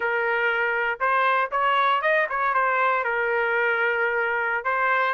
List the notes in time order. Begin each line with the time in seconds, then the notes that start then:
0.00 A#4
1.00 C5
1.51 C#5
2.01 D#5
2.29 C#5
2.54 C5
3.04 A#4
4.64 C5